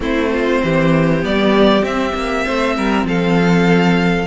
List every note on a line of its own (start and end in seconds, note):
0.00 0.60 A3
0.00 1.22 C4
0.00 0.31 E4
0.00 1.24 C5
0.32 0.62 F4
0.63 1.24 E3
0.63 2.45 G4
1.22 1.82 G3
1.22 1.83 B3
1.22 1.84 D5
1.82 2.13 C4
1.82 4.26 C4
1.82 3.07 E5
2.14 2.45 A#3
2.45 2.77 A3
2.45 2.75 C5
2.76 3.03 G3
2.76 3.07 A#4
3.03 4.26 F3
3.03 4.26 A4
3.03 4.26 F5